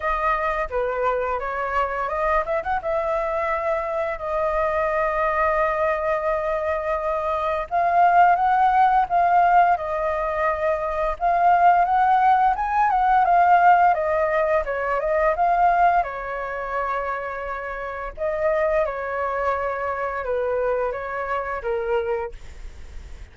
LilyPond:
\new Staff \with { instrumentName = "flute" } { \time 4/4 \tempo 4 = 86 dis''4 b'4 cis''4 dis''8 e''16 fis''16 | e''2 dis''2~ | dis''2. f''4 | fis''4 f''4 dis''2 |
f''4 fis''4 gis''8 fis''8 f''4 | dis''4 cis''8 dis''8 f''4 cis''4~ | cis''2 dis''4 cis''4~ | cis''4 b'4 cis''4 ais'4 | }